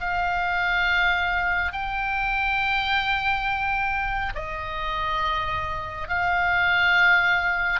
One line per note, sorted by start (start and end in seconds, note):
0.00 1.72 F5
1.72 4.33 G5
4.35 6.09 D#5
6.09 7.80 F5